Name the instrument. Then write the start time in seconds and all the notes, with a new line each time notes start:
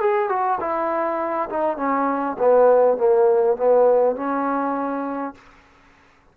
trombone
0.00 G#4
0.29 F#4
0.60 E4
1.49 D#4
1.77 C#4
2.38 B3
2.97 A#3
3.56 B3
4.16 C#4